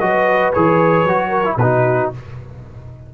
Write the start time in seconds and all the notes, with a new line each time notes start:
0.00 F#3 F#4 B4 D#5
0.53 E3 G#4 C#5
1.04 F#3 F#4
1.29 A#4
1.45 E4
1.57 B2 D#4 F#4 B4